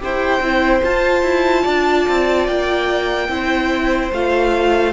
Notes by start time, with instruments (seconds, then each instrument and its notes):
0.00 cello E4, viola G4, violin C5 G5
0.41 cello C4, viola E4
0.83 viola F4, cello F4, violin A5
1.23 cello E4
1.63 cello D4, violin D5
2.09 cello C4
2.48 cello A#3, violin G5
3.29 cello C4, viola E4, violin C5
4.13 cello A3, viola F4, violin F5